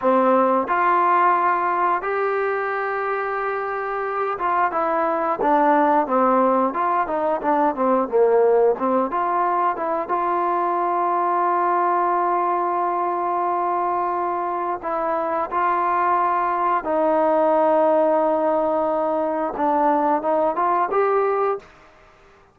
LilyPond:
\new Staff \with { instrumentName = "trombone" } { \time 4/4 \tempo 4 = 89 c'4 f'2 g'4~ | g'2~ g'8 f'8 e'4 | d'4 c'4 f'8 dis'8 d'8 c'8 | ais4 c'8 f'4 e'8 f'4~ |
f'1~ | f'2 e'4 f'4~ | f'4 dis'2.~ | dis'4 d'4 dis'8 f'8 g'4 | }